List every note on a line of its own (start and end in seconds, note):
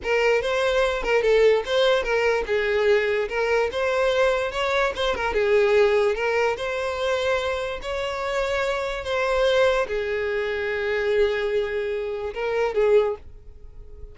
0.03 0.41 A#4
0.41 1.02 C5
1.02 1.22 A#4
1.22 1.63 A4
1.65 2.03 C5
2.03 2.44 A#4
2.46 3.28 G#4
3.29 3.70 A#4
3.71 4.51 C5
4.51 4.92 C#5
4.95 5.15 C5
5.15 5.33 A#4
5.33 6.15 G#4
6.15 6.56 A#4
6.56 7.80 C5
7.82 9.04 C#5
9.04 9.86 C5
9.87 12.33 G#4
12.34 12.74 A#4
12.74 13.15 G#4